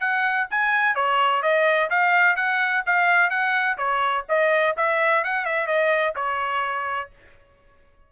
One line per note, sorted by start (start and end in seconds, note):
0.00 0.47 F#5
0.50 0.95 G#5
0.95 1.42 C#5
1.42 1.89 D#5
1.90 2.36 F5
2.36 2.83 F#5
2.86 3.30 F5
3.30 3.77 F#5
3.78 4.25 C#5
4.29 4.76 D#5
4.77 5.24 E5
5.24 5.45 F#5
5.45 5.67 E5
5.67 6.14 D#5
6.15 7.10 C#5